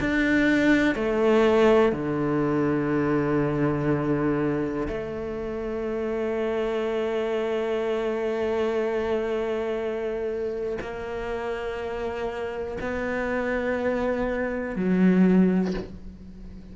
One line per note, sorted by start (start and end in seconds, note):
0.00 0.95 D4
0.95 1.92 A3
1.92 4.87 D3
4.88 10.78 A3
10.81 12.78 A#3
12.80 14.75 B3
14.75 15.74 F#3